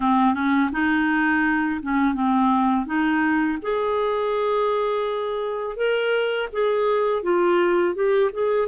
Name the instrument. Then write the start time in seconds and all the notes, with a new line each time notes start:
clarinet
0.00 C4
0.34 C#4
0.72 D#4
1.82 C#4
2.14 C4
2.86 D#4
3.61 G#4
5.76 A#4
6.52 G#4
7.22 F4
7.95 G4
8.32 G#4